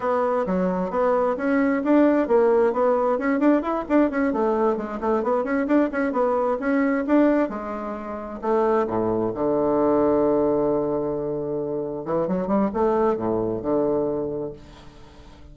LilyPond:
\new Staff \with { instrumentName = "bassoon" } { \time 4/4 \tempo 4 = 132 b4 fis4 b4 cis'4 | d'4 ais4 b4 cis'8 d'8 | e'8 d'8 cis'8 a4 gis8 a8 b8 | cis'8 d'8 cis'8 b4 cis'4 d'8~ |
d'8 gis2 a4 a,8~ | a,8 d2.~ d8~ | d2~ d8 e8 fis8 g8 | a4 a,4 d2 | }